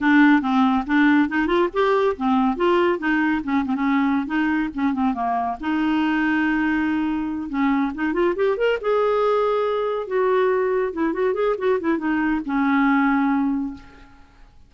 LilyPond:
\new Staff \with { instrumentName = "clarinet" } { \time 4/4 \tempo 4 = 140 d'4 c'4 d'4 dis'8 f'8 | g'4 c'4 f'4 dis'4 | cis'8 c'16 cis'4~ cis'16 dis'4 cis'8 c'8 | ais4 dis'2.~ |
dis'4. cis'4 dis'8 f'8 g'8 | ais'8 gis'2. fis'8~ | fis'4. e'8 fis'8 gis'8 fis'8 e'8 | dis'4 cis'2. | }